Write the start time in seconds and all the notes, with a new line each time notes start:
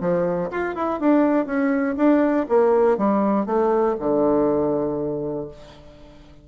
0.00 F3
0.50 F4
0.75 E4
0.99 D4
1.46 C#4
1.97 D4
2.48 A#3
2.97 G3
3.46 A3
3.99 D3